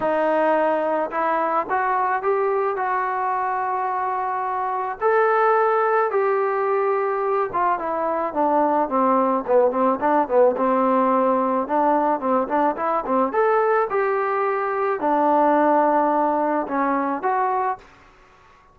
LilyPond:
\new Staff \with { instrumentName = "trombone" } { \time 4/4 \tempo 4 = 108 dis'2 e'4 fis'4 | g'4 fis'2.~ | fis'4 a'2 g'4~ | g'4. f'8 e'4 d'4 |
c'4 b8 c'8 d'8 b8 c'4~ | c'4 d'4 c'8 d'8 e'8 c'8 | a'4 g'2 d'4~ | d'2 cis'4 fis'4 | }